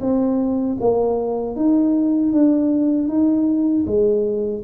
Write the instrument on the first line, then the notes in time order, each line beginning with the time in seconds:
tuba
0.00 C4
0.80 A#3
1.55 D#4
2.32 D4
3.08 D#4
3.86 G#3